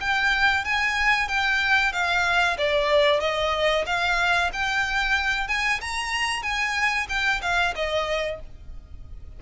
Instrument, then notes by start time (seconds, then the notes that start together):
violin
0.00 G5
0.65 G#5
1.28 G5
1.93 F5
2.58 D5
3.20 D#5
3.86 F5
4.53 G5
5.48 G#5
5.81 A#5
6.43 G#5
7.09 G5
7.42 F5
7.75 D#5